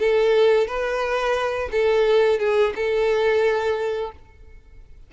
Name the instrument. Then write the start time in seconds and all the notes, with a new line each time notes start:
violin
0.00 A4
0.68 B4
1.72 A4
2.40 G#4
2.76 A4